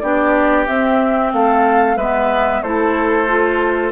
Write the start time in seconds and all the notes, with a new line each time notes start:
0.00 B3 D4 G4 D5
0.67 C4 E5
1.33 A3 A4 F5
1.97 G#3 B3 B4 E5
2.63 A3 E4 A4 C5
3.28 F4